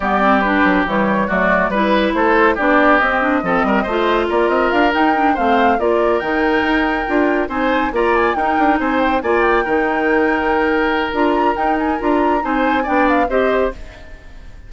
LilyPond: <<
  \new Staff \with { instrumentName = "flute" } { \time 4/4 \tempo 4 = 140 d''4 b'4 cis''4 d''4 | b'4 c''4 d''4 dis''4~ | dis''2 d''8 dis''8 f''8 g''8~ | g''8 f''4 d''4 g''4.~ |
g''4. gis''4 ais''8 gis''8 g''8~ | g''8 gis''8 g''8 gis''8 g''2~ | g''2 ais''4 g''8 gis''8 | ais''4 gis''4 g''8 f''8 dis''4 | }
  \new Staff \with { instrumentName = "oboe" } { \time 4/4 g'2. fis'4 | b'4 a'4 g'2 | a'8 ais'8 c''4 ais'2~ | ais'8 c''4 ais'2~ ais'8~ |
ais'4. c''4 d''4 ais'8~ | ais'8 c''4 d''4 ais'4.~ | ais'1~ | ais'4 c''4 d''4 c''4 | }
  \new Staff \with { instrumentName = "clarinet" } { \time 4/4 b8 c'8 d'4 g4 a4 | e'2 d'4 c'8 d'8 | c'4 f'2~ f'8 dis'8 | d'8 c'4 f'4 dis'4.~ |
dis'8 f'4 dis'4 f'4 dis'8~ | dis'4. f'4 dis'4.~ | dis'2 f'4 dis'4 | f'4 dis'4 d'4 g'4 | }
  \new Staff \with { instrumentName = "bassoon" } { \time 4/4 g4. fis8 e4 fis4 | g4 a4 b4 c'4 | f8 g8 a4 ais8 c'8 d'8 dis'8~ | dis'8 a4 ais4 dis4 dis'8~ |
dis'8 d'4 c'4 ais4 dis'8 | d'8 c'4 ais4 dis4.~ | dis2 d'4 dis'4 | d'4 c'4 b4 c'4 | }
>>